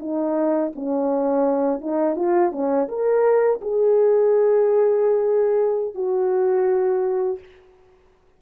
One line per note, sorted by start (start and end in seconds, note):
0.00 0.72 D#4
0.76 1.81 C#4
1.81 2.16 D#4
2.16 2.52 F4
2.52 2.88 C#4
2.88 3.61 A#4
3.61 5.95 G#4
5.95 7.39 F#4